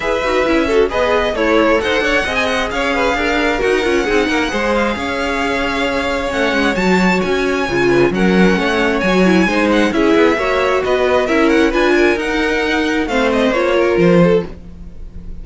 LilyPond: <<
  \new Staff \with { instrumentName = "violin" } { \time 4/4 \tempo 4 = 133 e''2 dis''4 cis''4 | fis''4~ fis''16 gis''16 fis''8 f''2 | fis''2~ fis''8 f''4.~ | f''2 fis''4 a''4 |
gis''2 fis''2 | gis''4. fis''8 e''2 | dis''4 e''8 fis''8 gis''4 fis''4~ | fis''4 f''8 dis''8 cis''4 c''4 | }
  \new Staff \with { instrumentName = "violin" } { \time 4/4 b'4. a'8 b'4 e'4 | c''8 cis''8 dis''4 cis''8 b'8 ais'4~ | ais'4 gis'8 ais'8 c''4 cis''4~ | cis''1~ |
cis''4. b'8 ais'4 cis''4~ | cis''4 c''4 gis'4 cis''4 | b'4 ais'4 b'8 ais'4.~ | ais'4 c''4. ais'4 a'8 | }
  \new Staff \with { instrumentName = "viola" } { \time 4/4 gis'8 fis'8 e'8 fis'8 gis'4 a'4~ | a'4 gis'2. | fis'8 f'8 dis'4 gis'2~ | gis'2 cis'4 fis'4~ |
fis'4 f'4 cis'2 | fis'8 e'8 dis'4 e'4 fis'4~ | fis'4 e'4 f'4 dis'4~ | dis'4 c'4 f'2 | }
  \new Staff \with { instrumentName = "cello" } { \time 4/4 e'8 dis'8 cis'4 b4 a4 | dis'8 d'8 c'4 cis'4 d'4 | dis'8 cis'8 c'8 ais8 gis4 cis'4~ | cis'2 a8 gis8 fis4 |
cis'4 cis4 fis4 a4 | fis4 gis4 cis'8 b8 ais4 | b4 cis'4 d'4 dis'4~ | dis'4 a4 ais4 f4 | }
>>